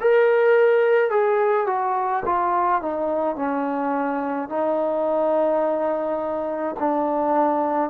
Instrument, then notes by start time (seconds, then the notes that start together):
trombone
0.00 A#4
1.10 G#4
1.67 F#4
2.25 F4
2.81 D#4
3.36 C#4
4.49 D#4
6.79 D4